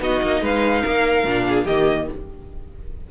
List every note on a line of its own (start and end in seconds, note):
0.00 0.21 B3
0.00 1.25 D#4
0.00 0.41 F#4
0.00 0.44 D#5
0.22 0.41 A#3
0.41 0.82 G#3
0.41 0.82 B4
0.41 1.66 F5
0.82 1.24 A#3
0.82 1.44 A#4
1.24 1.66 A#2
1.24 1.67 D4
1.48 1.64 G#4
1.64 2.09 D#3
1.64 2.10 A#3
1.64 2.06 G4
1.64 2.08 D#5